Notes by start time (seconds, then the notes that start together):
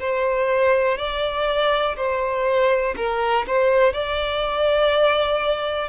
0.00 C5
0.98 D5
1.97 C5
2.97 A#4
3.47 C5
3.93 D5